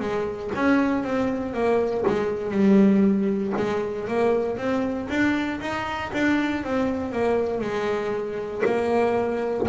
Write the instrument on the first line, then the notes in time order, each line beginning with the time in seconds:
double bass
0.00 G#3
0.55 C#4
1.04 C4
1.53 A#3
2.07 G#3
2.51 G3
3.57 G#3
4.08 A#3
4.58 C4
5.09 D4
5.61 D#4
6.13 D4
6.64 C4
7.12 A#3
7.61 G#3
8.65 A#3